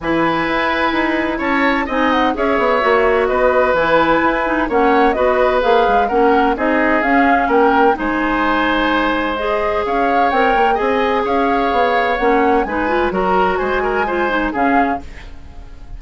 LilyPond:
<<
  \new Staff \with { instrumentName = "flute" } { \time 4/4 \tempo 4 = 128 gis''2. a''4 | gis''8 fis''8 e''2 dis''4 | gis''2 fis''4 dis''4 | f''4 fis''4 dis''4 f''4 |
g''4 gis''2. | dis''4 f''4 g''4 gis''4 | f''2 fis''4 gis''4 | ais''4 gis''2 f''4 | }
  \new Staff \with { instrumentName = "oboe" } { \time 4/4 b'2. cis''4 | dis''4 cis''2 b'4~ | b'2 cis''4 b'4~ | b'4 ais'4 gis'2 |
ais'4 c''2.~ | c''4 cis''2 dis''4 | cis''2. b'4 | ais'4 c''8 ais'8 c''4 gis'4 | }
  \new Staff \with { instrumentName = "clarinet" } { \time 4/4 e'1 | dis'4 gis'4 fis'2 | e'4. dis'8 cis'4 fis'4 | gis'4 cis'4 dis'4 cis'4~ |
cis'4 dis'2. | gis'2 ais'4 gis'4~ | gis'2 cis'4 dis'8 f'8 | fis'2 f'8 dis'8 cis'4 | }
  \new Staff \with { instrumentName = "bassoon" } { \time 4/4 e4 e'4 dis'4 cis'4 | c'4 cis'8 b8 ais4 b4 | e4 e'4 ais4 b4 | ais8 gis8 ais4 c'4 cis'4 |
ais4 gis2.~ | gis4 cis'4 c'8 ais8 c'4 | cis'4 b4 ais4 gis4 | fis4 gis2 cis4 | }
>>